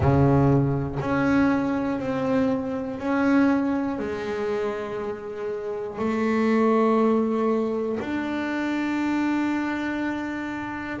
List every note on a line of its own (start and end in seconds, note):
0.00 0.98 C#3
1.00 1.99 C#4
1.99 2.99 C4
2.99 3.98 C#4
3.98 5.98 G#3
5.98 7.98 A3
8.00 11.00 D4